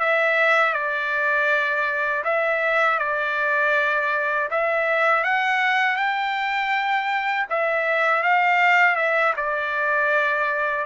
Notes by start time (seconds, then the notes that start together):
0.00 E5
0.74 D5
2.25 E5
2.99 D5
4.51 E5
5.24 F#5
5.97 G5
7.50 E5
8.23 F5
8.96 E5
9.37 D5